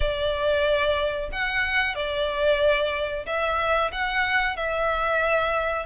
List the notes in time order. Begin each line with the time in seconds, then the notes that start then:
0.00 D5
1.32 F#5
1.95 D5
3.26 E5
3.92 F#5
4.56 E5